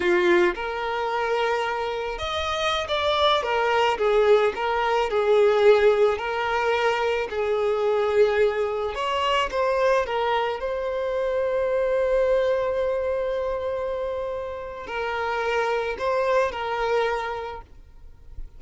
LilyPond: \new Staff \with { instrumentName = "violin" } { \time 4/4 \tempo 4 = 109 f'4 ais'2. | dis''4~ dis''16 d''4 ais'4 gis'8.~ | gis'16 ais'4 gis'2 ais'8.~ | ais'4~ ais'16 gis'2~ gis'8.~ |
gis'16 cis''4 c''4 ais'4 c''8.~ | c''1~ | c''2. ais'4~ | ais'4 c''4 ais'2 | }